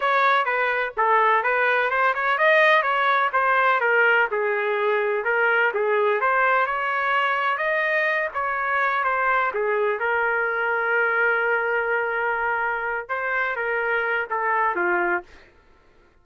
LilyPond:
\new Staff \with { instrumentName = "trumpet" } { \time 4/4 \tempo 4 = 126 cis''4 b'4 a'4 b'4 | c''8 cis''8 dis''4 cis''4 c''4 | ais'4 gis'2 ais'4 | gis'4 c''4 cis''2 |
dis''4. cis''4. c''4 | gis'4 ais'2.~ | ais'2.~ ais'8 c''8~ | c''8 ais'4. a'4 f'4 | }